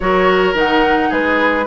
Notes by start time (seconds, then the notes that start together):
0.00 F#3 F#4 A#4 C#5
0.54 D#3 D#4 F#5
1.09 G#3 G#4 B4